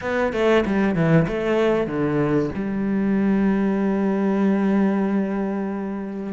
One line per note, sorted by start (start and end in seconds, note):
0.01 0.32 B3
0.32 0.64 A3
0.65 0.95 G3
0.95 1.26 E3
1.27 1.86 A3
1.86 2.49 D3
2.54 6.33 G3